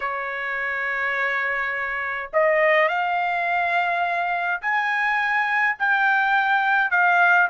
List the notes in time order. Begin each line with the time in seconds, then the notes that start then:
0.00 C#5
2.33 D#5
2.88 F5
4.61 G#5
5.78 G5
6.90 F5